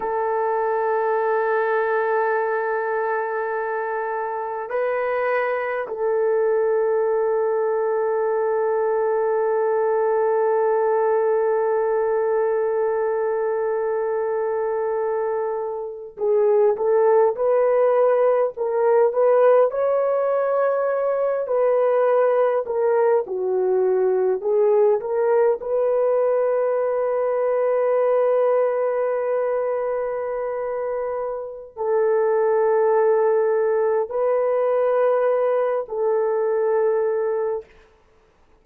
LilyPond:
\new Staff \with { instrumentName = "horn" } { \time 4/4 \tempo 4 = 51 a'1 | b'4 a'2.~ | a'1~ | a'4.~ a'16 gis'8 a'8 b'4 ais'16~ |
ais'16 b'8 cis''4. b'4 ais'8 fis'16~ | fis'8. gis'8 ais'8 b'2~ b'16~ | b'2. a'4~ | a'4 b'4. a'4. | }